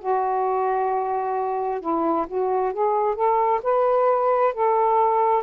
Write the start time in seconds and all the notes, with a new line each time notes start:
0.00 F#4
1.81 E4
2.28 F#4
2.74 G#4
3.16 A4
3.63 B4
4.55 A4